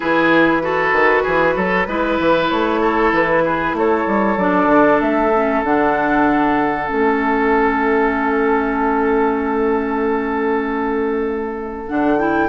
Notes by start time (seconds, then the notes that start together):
0.00 E3 E4 G#4 B4
0.62 F#4 A4
0.92 D#3
1.23 E3 G#4
1.56 F#3 A4
1.87 G#3 E4 B4
2.19 E3
2.49 A3 C#5
2.80 A4
3.12 E3 B4
3.45 G#4
3.73 A3 A4 C#5
4.06 G3
4.37 F#3 D4 D5
4.66 D3
5.01 A3 E5
5.33 C#4
5.63 D3 D4 F#5
6.86 A3 C#4 E5
11.87 D3 D4 F#5
12.17 E4 G5